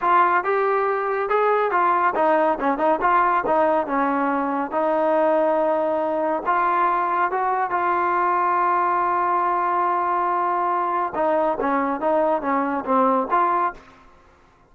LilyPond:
\new Staff \with { instrumentName = "trombone" } { \time 4/4 \tempo 4 = 140 f'4 g'2 gis'4 | f'4 dis'4 cis'8 dis'8 f'4 | dis'4 cis'2 dis'4~ | dis'2. f'4~ |
f'4 fis'4 f'2~ | f'1~ | f'2 dis'4 cis'4 | dis'4 cis'4 c'4 f'4 | }